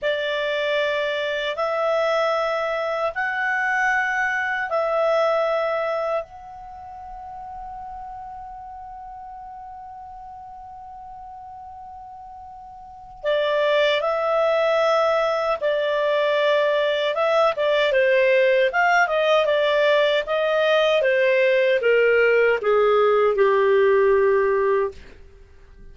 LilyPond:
\new Staff \with { instrumentName = "clarinet" } { \time 4/4 \tempo 4 = 77 d''2 e''2 | fis''2 e''2 | fis''1~ | fis''1~ |
fis''4 d''4 e''2 | d''2 e''8 d''8 c''4 | f''8 dis''8 d''4 dis''4 c''4 | ais'4 gis'4 g'2 | }